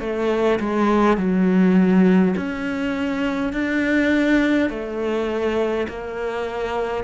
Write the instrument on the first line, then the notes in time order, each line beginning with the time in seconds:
cello
0.00 A3
0.59 G#3
1.17 F#3
2.36 C#4
3.52 D4
4.70 A3
5.88 A#3